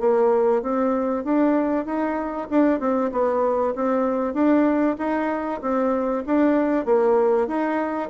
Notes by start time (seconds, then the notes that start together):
0.00 A#3
0.62 C4
1.24 D4
1.85 D#4
2.50 D4
2.80 C4
3.12 B3
3.76 C4
4.34 D4
4.98 D#4
5.61 C4
6.26 D4
6.86 A#3
7.47 D#4